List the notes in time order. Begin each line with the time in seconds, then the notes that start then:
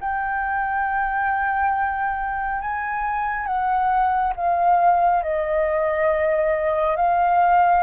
0.00 G5
2.61 G#5
3.46 F#5
4.36 F5
5.23 D#5
6.96 F5